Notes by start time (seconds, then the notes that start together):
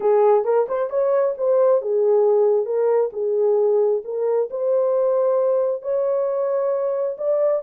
0.00 G#4
0.44 A#4
0.68 C5
0.90 C#5
1.37 C5
1.81 G#4
2.65 A#4
3.13 G#4
4.04 A#4
4.50 C5
5.82 C#5
7.17 D5